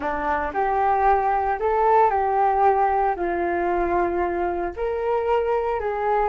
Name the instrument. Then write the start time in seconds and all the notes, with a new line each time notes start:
flute
0.00 D4
0.53 G4
1.59 A4
2.10 G4
3.16 F4
4.76 A#4
5.79 G#4